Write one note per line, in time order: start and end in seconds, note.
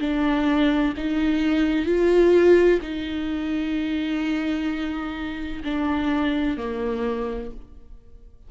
0.00 0.94 D4
0.97 1.86 D#4
1.86 2.80 F4
2.82 5.63 D#4
5.64 6.57 D4
6.57 7.51 A#3